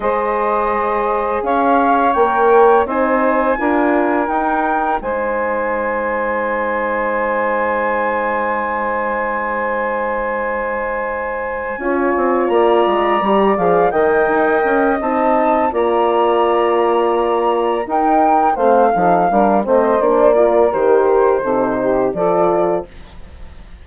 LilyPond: <<
  \new Staff \with { instrumentName = "flute" } { \time 4/4 \tempo 4 = 84 dis''2 f''4 g''4 | gis''2 g''4 gis''4~ | gis''1~ | gis''1~ |
gis''4. ais''4. f''8 g''8~ | g''4 a''4 ais''2~ | ais''4 g''4 f''4. dis''8 | d''4 c''2 d''4 | }
  \new Staff \with { instrumentName = "saxophone" } { \time 4/4 c''2 cis''2 | c''4 ais'2 c''4~ | c''1~ | c''1~ |
c''8 cis''4 d''2 dis''8~ | dis''2 d''2~ | d''4 ais'4 c''8 a'8 ais'8 c''8~ | c''8 ais'4. a'8 g'8 a'4 | }
  \new Staff \with { instrumentName = "horn" } { \time 4/4 gis'2. ais'4 | dis'4 f'4 dis'2~ | dis'1~ | dis'1~ |
dis'8 f'2 g'8 gis'8 ais'8~ | ais'4 dis'4 f'2~ | f'4 dis'4 c'8 dis'8 d'8 c'8 | d'8 f'8 g'4 dis'4 f'4 | }
  \new Staff \with { instrumentName = "bassoon" } { \time 4/4 gis2 cis'4 ais4 | c'4 d'4 dis'4 gis4~ | gis1~ | gis1~ |
gis8 cis'8 c'8 ais8 gis8 g8 f8 dis8 | dis'8 cis'8 c'4 ais2~ | ais4 dis'4 a8 f8 g8 a8 | ais4 dis4 c4 f4 | }
>>